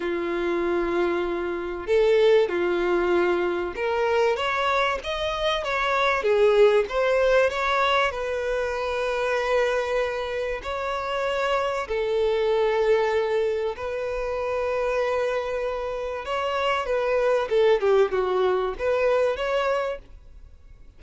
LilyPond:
\new Staff \with { instrumentName = "violin" } { \time 4/4 \tempo 4 = 96 f'2. a'4 | f'2 ais'4 cis''4 | dis''4 cis''4 gis'4 c''4 | cis''4 b'2.~ |
b'4 cis''2 a'4~ | a'2 b'2~ | b'2 cis''4 b'4 | a'8 g'8 fis'4 b'4 cis''4 | }